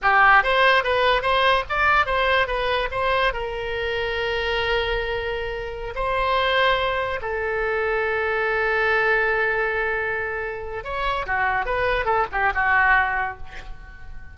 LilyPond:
\new Staff \with { instrumentName = "oboe" } { \time 4/4 \tempo 4 = 144 g'4 c''4 b'4 c''4 | d''4 c''4 b'4 c''4 | ais'1~ | ais'2~ ais'16 c''4.~ c''16~ |
c''4~ c''16 a'2~ a'8.~ | a'1~ | a'2 cis''4 fis'4 | b'4 a'8 g'8 fis'2 | }